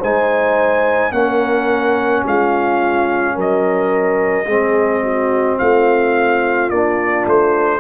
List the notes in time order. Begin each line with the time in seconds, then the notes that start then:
0.00 G#3 D#4 C5 G#5
1.12 A#3 C#4 A#4 F#5
2.27 G#3 F4 F5
3.35 F#3 A#4 D#5
4.46 G#3 C4 G#4
5.03 F#4
5.59 A3 F4 F5
6.70 A#3 D4 D5
7.26 A3 C5